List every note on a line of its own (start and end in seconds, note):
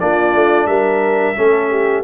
0.00 0.34 A#3
0.00 1.36 D4
0.00 0.68 F4
0.00 0.67 D5
0.34 0.67 A3
0.67 1.35 G3
0.67 1.37 A#4
0.67 2.03 E5
1.36 2.05 A3
1.36 2.05 C#4
1.36 1.71 A4
1.71 2.05 G4